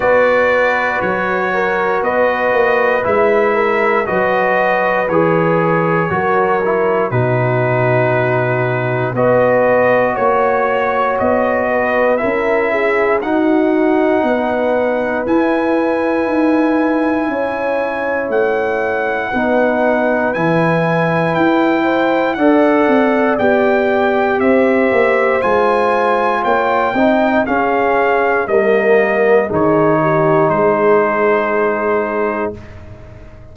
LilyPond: <<
  \new Staff \with { instrumentName = "trumpet" } { \time 4/4 \tempo 4 = 59 d''4 cis''4 dis''4 e''4 | dis''4 cis''2 b'4~ | b'4 dis''4 cis''4 dis''4 | e''4 fis''2 gis''4~ |
gis''2 fis''2 | gis''4 g''4 fis''4 g''4 | e''4 gis''4 g''4 f''4 | dis''4 cis''4 c''2 | }
  \new Staff \with { instrumentName = "horn" } { \time 4/4 b'4. ais'8 b'4. ais'8 | b'2 ais'4 fis'4~ | fis'4 b'4 cis''4. b'8 | ais'8 gis'8 fis'4 b'2~ |
b'4 cis''2 b'4~ | b'4. c''8 d''2 | c''2 cis''8 dis''8 gis'4 | ais'4 gis'8 g'8 gis'2 | }
  \new Staff \with { instrumentName = "trombone" } { \time 4/4 fis'2. e'4 | fis'4 gis'4 fis'8 e'8 dis'4~ | dis'4 fis'2. | e'4 dis'2 e'4~ |
e'2. dis'4 | e'2 a'4 g'4~ | g'4 f'4. dis'8 cis'4 | ais4 dis'2. | }
  \new Staff \with { instrumentName = "tuba" } { \time 4/4 b4 fis4 b8 ais8 gis4 | fis4 e4 fis4 b,4~ | b,4 b4 ais4 b4 | cis'4 dis'4 b4 e'4 |
dis'4 cis'4 a4 b4 | e4 e'4 d'8 c'8 b4 | c'8 ais8 gis4 ais8 c'8 cis'4 | g4 dis4 gis2 | }
>>